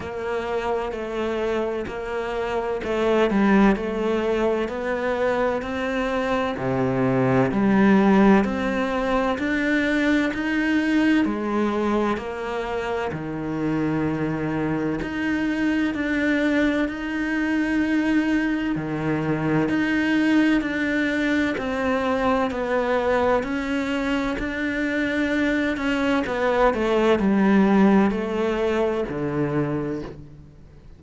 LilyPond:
\new Staff \with { instrumentName = "cello" } { \time 4/4 \tempo 4 = 64 ais4 a4 ais4 a8 g8 | a4 b4 c'4 c4 | g4 c'4 d'4 dis'4 | gis4 ais4 dis2 |
dis'4 d'4 dis'2 | dis4 dis'4 d'4 c'4 | b4 cis'4 d'4. cis'8 | b8 a8 g4 a4 d4 | }